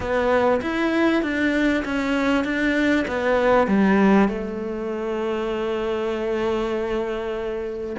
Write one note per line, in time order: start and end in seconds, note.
0.00 0.61 B3
0.61 1.22 E4
1.22 1.83 D4
1.85 2.44 C#4
2.44 3.05 D4
3.07 3.67 B3
3.67 4.28 G3
4.28 7.96 A3